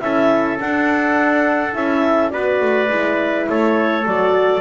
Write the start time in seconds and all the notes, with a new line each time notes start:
0.00 C#4 E4 A4 E5
0.60 D4 F#5
1.73 C#4 E4 E5
2.30 B3 F#4 B4 D5
2.61 A3
2.89 G#3 E4
3.49 A3 A4 C#5
4.05 F#3 F#4 D5